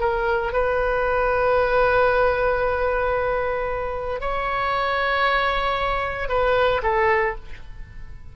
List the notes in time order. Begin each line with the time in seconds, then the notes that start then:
0.00 A#4
0.53 B4
4.21 C#5
6.29 B4
6.83 A4